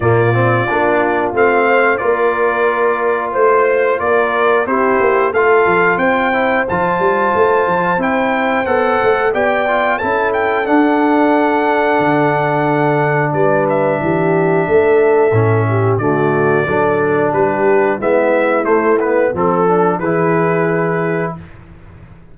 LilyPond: <<
  \new Staff \with { instrumentName = "trumpet" } { \time 4/4 \tempo 4 = 90 d''2 f''4 d''4~ | d''4 c''4 d''4 c''4 | f''4 g''4 a''2 | g''4 fis''4 g''4 a''8 g''8 |
fis''1 | d''8 e''2.~ e''8 | d''2 b'4 e''4 | c''8 b'8 a'4 b'2 | }
  \new Staff \with { instrumentName = "horn" } { \time 4/4 f'2~ f'8 c''8 ais'4~ | ais'4 c''4 ais'4 g'4 | a'4 c''2.~ | c''2 d''4 a'4~ |
a'1 | b'4 g'4 a'4. g'8 | fis'4 a'4 g'4 e'4~ | e'4 a'4 gis'2 | }
  \new Staff \with { instrumentName = "trombone" } { \time 4/4 ais8 c'8 d'4 c'4 f'4~ | f'2. e'4 | f'4. e'8 f'2 | e'4 a'4 g'8 f'8 e'4 |
d'1~ | d'2. cis'4 | a4 d'2 b4 | a8 b8 c'8 d'8 e'2 | }
  \new Staff \with { instrumentName = "tuba" } { \time 4/4 ais,4 ais4 a4 ais4~ | ais4 a4 ais4 c'8 ais8 | a8 f8 c'4 f8 g8 a8 f8 | c'4 b8 a8 b4 cis'4 |
d'2 d2 | g4 e4 a4 a,4 | d4 fis4 g4 gis4 | a4 f4 e2 | }
>>